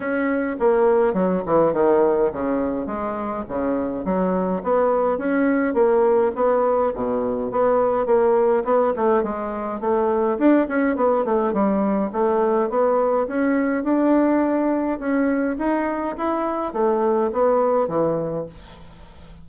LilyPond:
\new Staff \with { instrumentName = "bassoon" } { \time 4/4 \tempo 4 = 104 cis'4 ais4 fis8 e8 dis4 | cis4 gis4 cis4 fis4 | b4 cis'4 ais4 b4 | b,4 b4 ais4 b8 a8 |
gis4 a4 d'8 cis'8 b8 a8 | g4 a4 b4 cis'4 | d'2 cis'4 dis'4 | e'4 a4 b4 e4 | }